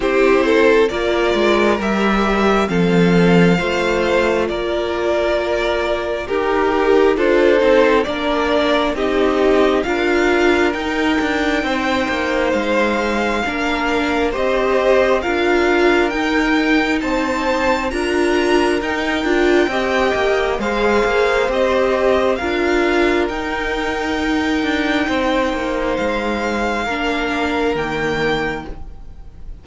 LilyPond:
<<
  \new Staff \with { instrumentName = "violin" } { \time 4/4 \tempo 4 = 67 c''4 d''4 e''4 f''4~ | f''4 d''2 ais'4 | c''4 d''4 dis''4 f''4 | g''2 f''2 |
dis''4 f''4 g''4 a''4 | ais''4 g''2 f''4 | dis''4 f''4 g''2~ | g''4 f''2 g''4 | }
  \new Staff \with { instrumentName = "violin" } { \time 4/4 g'8 a'8 ais'2 a'4 | c''4 ais'2 g'4 | a'4 ais'4 g'4 ais'4~ | ais'4 c''2 ais'4 |
c''4 ais'2 c''4 | ais'2 dis''4 c''4~ | c''4 ais'2. | c''2 ais'2 | }
  \new Staff \with { instrumentName = "viola" } { \time 4/4 e'4 f'4 g'4 c'4 | f'2. g'4 | f'8 dis'8 d'4 dis'4 f'4 | dis'2. d'4 |
g'4 f'4 dis'2 | f'4 dis'8 f'8 g'4 gis'4 | g'4 f'4 dis'2~ | dis'2 d'4 ais4 | }
  \new Staff \with { instrumentName = "cello" } { \time 4/4 c'4 ais8 gis8 g4 f4 | a4 ais2 dis'4 | d'8 c'8 ais4 c'4 d'4 | dis'8 d'8 c'8 ais8 gis4 ais4 |
c'4 d'4 dis'4 c'4 | d'4 dis'8 d'8 c'8 ais8 gis8 ais8 | c'4 d'4 dis'4. d'8 | c'8 ais8 gis4 ais4 dis4 | }
>>